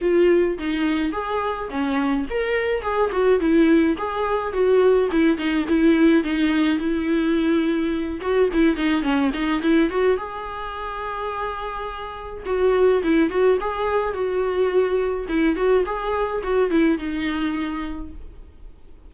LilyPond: \new Staff \with { instrumentName = "viola" } { \time 4/4 \tempo 4 = 106 f'4 dis'4 gis'4 cis'4 | ais'4 gis'8 fis'8 e'4 gis'4 | fis'4 e'8 dis'8 e'4 dis'4 | e'2~ e'8 fis'8 e'8 dis'8 |
cis'8 dis'8 e'8 fis'8 gis'2~ | gis'2 fis'4 e'8 fis'8 | gis'4 fis'2 e'8 fis'8 | gis'4 fis'8 e'8 dis'2 | }